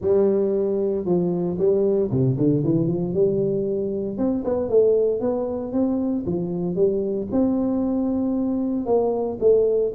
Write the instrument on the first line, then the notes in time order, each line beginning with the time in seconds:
tuba
0.01 G3
1.05 F3
1.58 G3
2.10 C3
2.37 D3
2.63 E3
2.87 F3
3.13 G3
4.17 C4
4.44 B3
4.69 A3
5.20 B3
5.72 C4
6.26 F3
6.75 G3
7.31 C4
8.86 A#3
9.40 A3